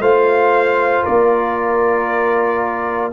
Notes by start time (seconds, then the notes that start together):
0.00 A3 F4 C5 F5
1.03 A#3 A#4 D5